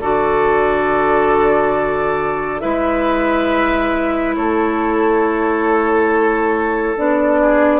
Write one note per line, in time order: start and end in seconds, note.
0.00 2.62 D3
0.00 2.60 F#4
0.00 2.61 A4
0.00 2.60 D5
2.60 4.36 G#3
2.60 6.94 E4
2.60 4.35 B4
2.60 4.34 E5
4.35 6.97 A3
4.35 7.40 A4
4.35 6.96 C#5
6.96 7.79 B3
6.96 7.79 D4
6.96 7.79 D5
7.40 7.79 G#4